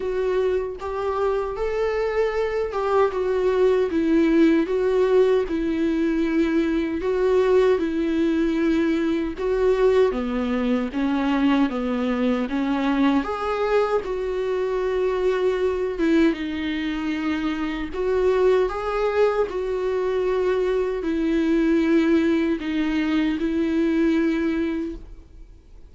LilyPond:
\new Staff \with { instrumentName = "viola" } { \time 4/4 \tempo 4 = 77 fis'4 g'4 a'4. g'8 | fis'4 e'4 fis'4 e'4~ | e'4 fis'4 e'2 | fis'4 b4 cis'4 b4 |
cis'4 gis'4 fis'2~ | fis'8 e'8 dis'2 fis'4 | gis'4 fis'2 e'4~ | e'4 dis'4 e'2 | }